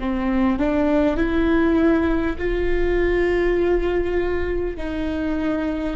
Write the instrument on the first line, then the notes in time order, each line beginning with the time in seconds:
viola
0.00 C4
0.59 D4
1.17 E4
2.38 F4
4.77 D#4